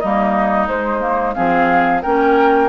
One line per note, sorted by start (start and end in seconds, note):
0.00 0.68 G3
0.00 0.68 A#3
0.00 1.35 D#4
0.00 0.68 D#5
0.68 1.00 G#3
0.68 1.36 G#3
0.68 1.34 C5
1.00 1.34 A#3
1.34 2.05 F3
1.34 2.02 C4
1.34 2.02 G#4
1.34 2.02 F5
2.02 2.70 A#3
2.02 2.70 C#4
2.02 2.70 A#4
2.02 2.70 G5